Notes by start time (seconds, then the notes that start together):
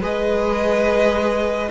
0.00 G#3 G#4 B4 D#5